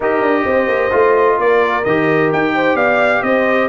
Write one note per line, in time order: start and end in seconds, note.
0.00 0.21 D#4
0.00 0.91 G4
0.00 0.44 A#4
0.00 1.40 D#5
0.21 0.44 D4
0.45 0.67 C4
0.45 1.37 C5
0.67 0.90 A#3
0.91 1.38 A3
0.91 1.83 F4
1.38 1.84 A#3
1.38 2.54 A#4
1.38 1.84 D5
1.84 2.32 D#3
1.84 3.69 G4
1.84 2.30 D#5
2.32 2.75 D#4
2.32 2.76 G5
2.54 2.75 C5
2.75 3.21 B3
2.75 3.21 D5
2.75 3.22 F5
3.22 3.68 C4
3.22 3.69 C5
3.22 3.68 D#5